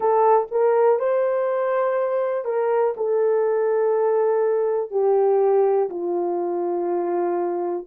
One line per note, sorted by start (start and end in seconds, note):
0.00 0.46 A4
0.51 0.99 A#4
0.99 2.44 C5
2.44 2.93 A#4
2.96 4.90 A4
4.90 5.89 G4
5.89 7.86 F4